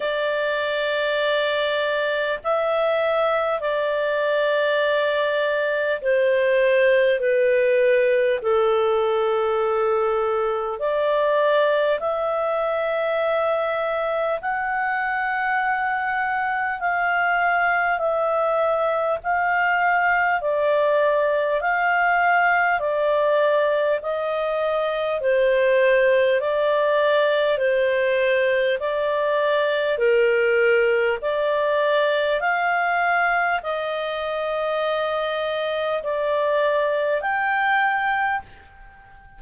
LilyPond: \new Staff \with { instrumentName = "clarinet" } { \time 4/4 \tempo 4 = 50 d''2 e''4 d''4~ | d''4 c''4 b'4 a'4~ | a'4 d''4 e''2 | fis''2 f''4 e''4 |
f''4 d''4 f''4 d''4 | dis''4 c''4 d''4 c''4 | d''4 ais'4 d''4 f''4 | dis''2 d''4 g''4 | }